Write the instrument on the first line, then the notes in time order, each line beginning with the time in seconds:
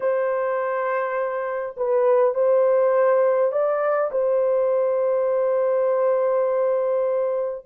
horn
0.00 C5
1.76 B4
2.34 C5
3.52 D5
4.11 C5